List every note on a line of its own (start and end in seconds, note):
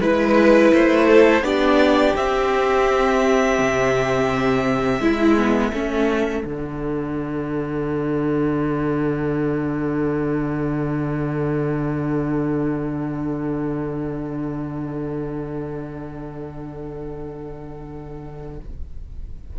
0.00 0.72 G#3
0.00 1.44 E4
0.00 1.07 B4
0.00 0.74 B4
0.74 1.42 A3
0.74 1.44 C5
1.08 1.44 A4
1.42 2.13 B3
1.42 2.15 D4
1.42 5.02 G4
1.42 2.16 D5
2.16 3.59 C4
2.16 5.02 C4
2.16 6.44 E5
3.59 5.00 C3
5.00 5.72 G#3
5.00 5.37 E4
5.00 5.72 E4
5.37 5.73 B3
5.72 6.44 A3
5.72 6.44 C#4
5.72 18.58 A4
6.44 18.59 D3
6.44 18.59 D4
6.44 18.59 F#5